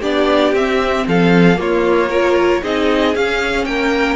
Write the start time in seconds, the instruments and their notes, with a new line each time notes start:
0.00 cello B3, viola D4, violin G4 D5
0.53 cello C4, viola C4, violin E5
1.07 cello F3, violin A4 F5
1.56 viola A#3, cello A#3, violin F4 C#5
2.09 viola F4, violin A#4
2.62 cello C4, viola D#4, violin G#4 D#5
3.15 cello C#4, viola C#4, violin F5
3.65 cello A#3, violin A#4 G5